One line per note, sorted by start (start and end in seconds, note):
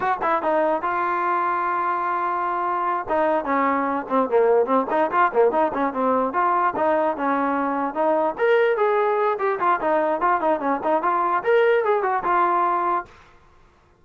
0.00 0.18 F#4
0.22 0.42 E4
0.42 0.82 D#4
0.82 3.06 F4
3.08 3.44 D#4
3.44 4.06 C#4
4.08 4.29 C4
4.29 4.65 A#3
4.65 4.86 C4
4.90 5.10 D#4
5.11 5.31 F4
5.33 5.51 A#3
5.51 5.71 D#4
5.73 5.93 C#4
5.93 6.33 C4
6.33 6.74 F4
6.76 7.16 D#4
7.16 7.94 C#4
7.94 8.35 D#4
8.38 8.76 A#4
8.76 9.38 G#4
9.38 9.59 G4
9.59 9.80 F4
9.80 10.20 D#4
10.20 10.40 F4
10.40 10.60 D#4
10.60 10.80 C#4
10.83 11.02 D#4
11.02 11.43 F4
11.43 11.84 A#4
11.84 12.02 G#4
12.02 12.23 F#4
12.23 13.05 F4